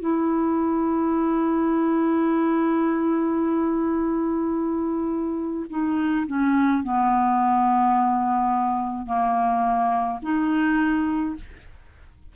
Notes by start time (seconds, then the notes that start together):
0.00 E4
5.70 D#4
6.27 C#4
6.84 B3
9.06 A#3
10.22 D#4